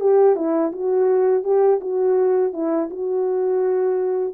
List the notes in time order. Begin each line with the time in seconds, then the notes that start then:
0.00 G4
0.35 E4
0.72 F#4
1.43 G4
1.80 F#4
2.53 E4
2.90 F#4